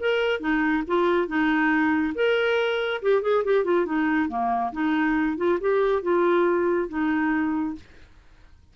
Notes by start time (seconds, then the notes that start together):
0.00 A#4
0.41 D#4
0.88 F4
1.28 D#4
2.15 A#4
3.03 G4
3.23 G#4
3.45 G4
3.65 F4
3.86 D#4
4.29 A#3
4.73 D#4
5.38 F4
5.61 G4
6.03 F4
6.89 D#4